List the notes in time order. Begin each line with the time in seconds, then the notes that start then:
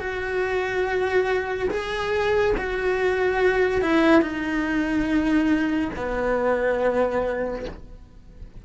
0.00 F#4
1.70 G#4
2.57 F#4
3.82 E4
4.22 D#4
5.96 B3